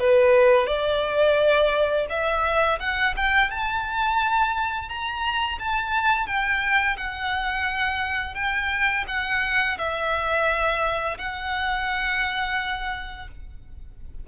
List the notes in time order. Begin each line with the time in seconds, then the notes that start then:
0.00 B4
0.67 D5
2.10 E5
2.80 F#5
3.17 G5
3.51 A5
4.89 A#5
5.59 A5
6.27 G5
6.97 F#5
8.35 G5
9.08 F#5
9.78 E5
11.18 F#5